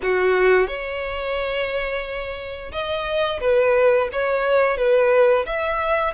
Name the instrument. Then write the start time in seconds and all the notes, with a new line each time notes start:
violin
0.02 F#4
0.67 C#5
2.71 D#5
3.40 B4
4.12 C#5
4.77 B4
5.46 E5